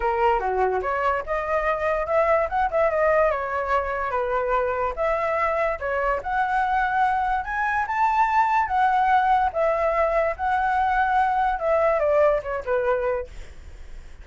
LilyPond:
\new Staff \with { instrumentName = "flute" } { \time 4/4 \tempo 4 = 145 ais'4 fis'4 cis''4 dis''4~ | dis''4 e''4 fis''8 e''8 dis''4 | cis''2 b'2 | e''2 cis''4 fis''4~ |
fis''2 gis''4 a''4~ | a''4 fis''2 e''4~ | e''4 fis''2. | e''4 d''4 cis''8 b'4. | }